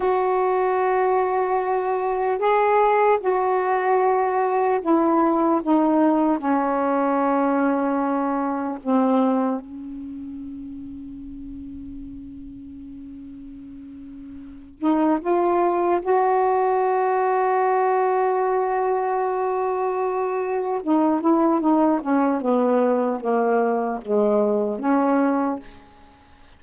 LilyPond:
\new Staff \with { instrumentName = "saxophone" } { \time 4/4 \tempo 4 = 75 fis'2. gis'4 | fis'2 e'4 dis'4 | cis'2. c'4 | cis'1~ |
cis'2~ cis'8 dis'8 f'4 | fis'1~ | fis'2 dis'8 e'8 dis'8 cis'8 | b4 ais4 gis4 cis'4 | }